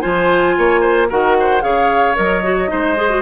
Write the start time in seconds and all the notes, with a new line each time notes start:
0.00 F3 F4 C5 G#5
0.57 A#3 C#5
0.80 C5
1.09 D#3 F#4 A#4 F#5
1.40 C5
1.61 C#3 G#4 C#5 F5
2.15 F#3 A#4 D#5
2.43 F#4
2.68 G#3 D#4 C5
2.96 G#4
3.10 F#4